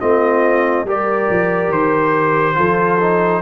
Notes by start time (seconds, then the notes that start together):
0.00 A3 C4 F4 D#5
0.84 G3 G4 A#4 D5
1.30 F3
1.68 D#3 C5
2.54 F3 F4 A4
3.01 D#4